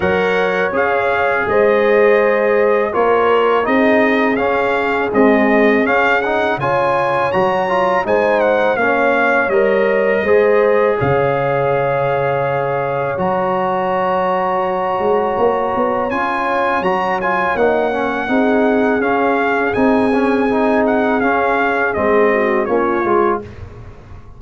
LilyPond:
<<
  \new Staff \with { instrumentName = "trumpet" } { \time 4/4 \tempo 4 = 82 fis''4 f''4 dis''2 | cis''4 dis''4 f''4 dis''4 | f''8 fis''8 gis''4 ais''4 gis''8 fis''8 | f''4 dis''2 f''4~ |
f''2 ais''2~ | ais''2 gis''4 ais''8 gis''8 | fis''2 f''4 gis''4~ | gis''8 fis''8 f''4 dis''4 cis''4 | }
  \new Staff \with { instrumentName = "horn" } { \time 4/4 cis''2 c''2 | ais'4 gis'2.~ | gis'4 cis''2 c''4 | cis''2 c''4 cis''4~ |
cis''1~ | cis''1~ | cis''4 gis'2.~ | gis'2~ gis'8 fis'8 f'4 | }
  \new Staff \with { instrumentName = "trombone" } { \time 4/4 ais'4 gis'2. | f'4 dis'4 cis'4 gis4 | cis'8 dis'8 f'4 fis'8 f'8 dis'4 | cis'4 ais'4 gis'2~ |
gis'2 fis'2~ | fis'2 f'4 fis'8 f'8 | dis'8 cis'8 dis'4 cis'4 dis'8 cis'8 | dis'4 cis'4 c'4 cis'8 f'8 | }
  \new Staff \with { instrumentName = "tuba" } { \time 4/4 fis4 cis'4 gis2 | ais4 c'4 cis'4 c'4 | cis'4 cis4 fis4 gis4 | ais4 g4 gis4 cis4~ |
cis2 fis2~ | fis8 gis8 ais8 b8 cis'4 fis4 | ais4 c'4 cis'4 c'4~ | c'4 cis'4 gis4 ais8 gis8 | }
>>